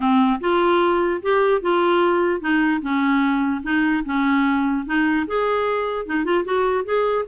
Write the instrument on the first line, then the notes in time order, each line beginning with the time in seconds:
clarinet
0.00 C4
0.40 F4
1.22 G4
1.61 F4
2.41 D#4
2.81 C#4
3.63 D#4
4.05 C#4
4.85 D#4
5.27 G#4
6.06 D#4
6.24 F4
6.44 F#4
6.85 G#4